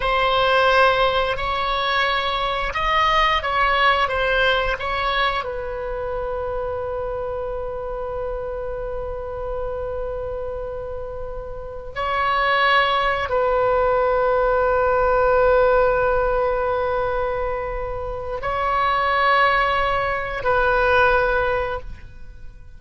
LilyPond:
\new Staff \with { instrumentName = "oboe" } { \time 4/4 \tempo 4 = 88 c''2 cis''2 | dis''4 cis''4 c''4 cis''4 | b'1~ | b'1~ |
b'4. cis''2 b'8~ | b'1~ | b'2. cis''4~ | cis''2 b'2 | }